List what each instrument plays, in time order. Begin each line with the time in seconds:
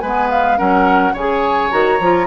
0.00 bassoon G#3, clarinet B3, oboe B4, flute G#5
0.30 flute F5
0.57 bassoon F#3, clarinet C#4, oboe A#4, flute F#5
1.13 bassoon C#3, clarinet G#4, oboe C#5, flute G#5
1.71 bassoon D#3, clarinet F#4, flute A#5
2.00 bassoon F3, clarinet F4